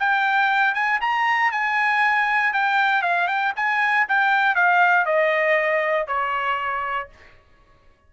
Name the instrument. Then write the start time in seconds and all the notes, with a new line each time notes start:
trumpet
0.00 G5
0.74 G#5
1.01 A#5
1.52 G#5
2.53 G5
3.02 F5
3.28 G5
3.56 G#5
4.09 G5
4.56 F5
5.06 D#5
6.07 C#5